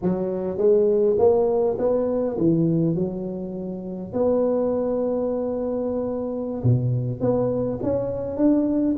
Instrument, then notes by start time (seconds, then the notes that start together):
tuba
0.02 F#3
0.57 G#3
1.18 A#3
1.78 B3
2.37 E3
2.95 F#3
4.13 B3
6.63 B2
7.20 B3
7.82 C#4
8.36 D4